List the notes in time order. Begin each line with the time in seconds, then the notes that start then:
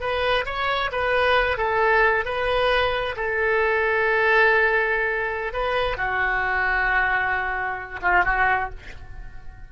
0.00 B4
0.46 C#5
0.92 B4
1.57 A4
2.25 B4
3.16 A4
5.53 B4
5.97 F#4
8.02 F4
8.25 F#4